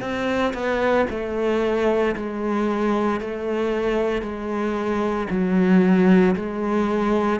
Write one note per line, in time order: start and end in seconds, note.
0.00 0.53 C4
0.53 1.06 B3
1.10 2.15 A3
2.16 3.20 G#3
3.20 4.22 A3
4.22 5.27 G#3
5.30 6.35 F#3
6.35 7.40 G#3